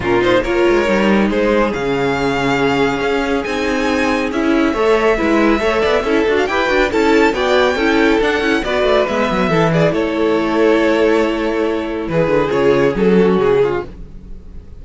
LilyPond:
<<
  \new Staff \with { instrumentName = "violin" } { \time 4/4 \tempo 4 = 139 ais'8 c''8 cis''2 c''4 | f''1 | gis''2 e''2~ | e''2~ e''8. f''16 g''4 |
a''4 g''2 fis''4 | d''4 e''4. d''8 cis''4~ | cis''1 | b'4 cis''4 a'4 gis'4 | }
  \new Staff \with { instrumentName = "violin" } { \time 4/4 f'4 ais'2 gis'4~ | gis'1~ | gis'2. cis''4 | b'4 cis''8 d''8 a'4 b'4 |
a'4 d''4 a'2 | b'2 a'8 gis'8 a'4~ | a'1 | gis'2~ gis'8 fis'4 f'8 | }
  \new Staff \with { instrumentName = "viola" } { \time 4/4 cis'8 dis'8 f'4 dis'2 | cis'1 | dis'2 e'4 a'4 | e'4 a'4 e'8 fis'8 g'8 fis'8 |
e'4 fis'4 e'4 d'8 e'8 | fis'4 b4 e'2~ | e'1~ | e'4 f'4 cis'2 | }
  \new Staff \with { instrumentName = "cello" } { \time 4/4 ais,4 ais8 gis8 g4 gis4 | cis2. cis'4 | c'2 cis'4 a4 | gis4 a8 b8 cis'8 d'8 e'8 d'8 |
cis'4 b4 cis'4 d'8 cis'8 | b8 a8 gis8 fis8 e4 a4~ | a1 | e8 d8 cis4 fis4 cis4 | }
>>